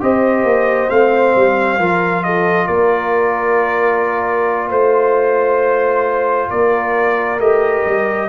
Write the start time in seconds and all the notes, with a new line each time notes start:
0.00 C4 G4 C5 D#5
0.43 A#3
0.89 A3 C4 F5
1.35 G3
1.79 F3 F4 A#4
2.23 A4 D#5
2.66 A#3 A#4 D5
4.68 A3 C5
6.50 A#3 A#4 D5
7.38 A3 G4 D#5
7.86 G3